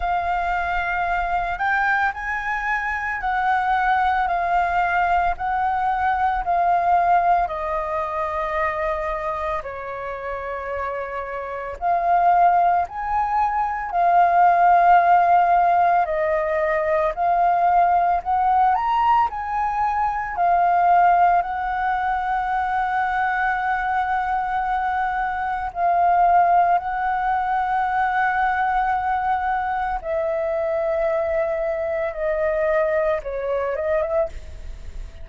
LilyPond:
\new Staff \with { instrumentName = "flute" } { \time 4/4 \tempo 4 = 56 f''4. g''8 gis''4 fis''4 | f''4 fis''4 f''4 dis''4~ | dis''4 cis''2 f''4 | gis''4 f''2 dis''4 |
f''4 fis''8 ais''8 gis''4 f''4 | fis''1 | f''4 fis''2. | e''2 dis''4 cis''8 dis''16 e''16 | }